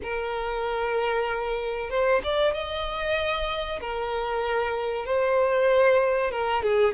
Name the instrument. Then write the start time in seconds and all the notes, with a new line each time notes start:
violin
0.02 A#4
1.89 C5
2.23 D5
2.53 D#5
3.80 A#4
5.05 C5
6.31 A#4
6.63 G#4